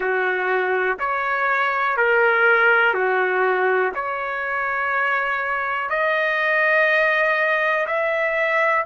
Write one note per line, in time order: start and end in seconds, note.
0.00 0.97 F#4
0.99 1.97 C#5
1.97 2.93 A#4
2.93 3.92 F#4
3.94 5.89 C#5
5.89 7.86 D#5
7.86 8.85 E5